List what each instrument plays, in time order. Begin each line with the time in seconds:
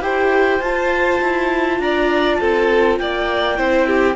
0.00 cello E4, viola G4, violin C5, clarinet G5
0.60 cello F4, viola F4, clarinet A5
1.21 cello E4
1.79 cello D4, violin D5, clarinet A#5
2.35 cello C4, violin A4, clarinet A5
2.98 cello A#3, violin D5, clarinet G5
3.57 cello C4, viola E4, violin C5
3.87 violin G4